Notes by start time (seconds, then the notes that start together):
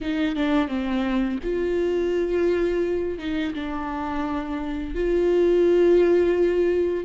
0.00 D#4
0.35 D4
0.68 C4
1.43 F4
3.18 D#4
3.54 D4
4.94 F4